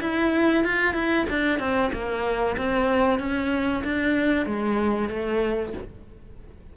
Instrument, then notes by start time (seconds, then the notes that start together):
cello
0.00 E4
0.64 F4
0.94 E4
1.29 D4
1.59 C4
1.92 A#3
2.57 C4
3.19 C#4
3.84 D4
4.46 G#3
5.09 A3